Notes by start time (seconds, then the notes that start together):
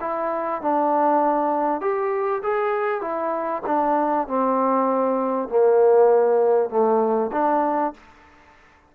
0.00 E4
0.61 D4
1.80 G4
2.42 G#4
3.01 E4
3.66 D4
4.27 C4
5.49 A#3
6.69 A3
7.32 D4